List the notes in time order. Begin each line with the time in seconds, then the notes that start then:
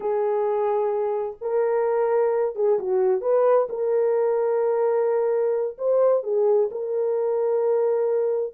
0.00 G#4
1.41 A#4
2.55 G#4
2.79 F#4
3.21 B4
3.69 A#4
5.78 C5
6.23 G#4
6.71 A#4